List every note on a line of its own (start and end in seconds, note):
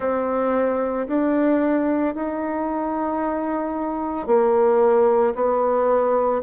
0.00 1.07 C4
1.07 2.14 D4
2.14 4.27 D#4
4.27 5.34 A#3
5.34 6.41 B3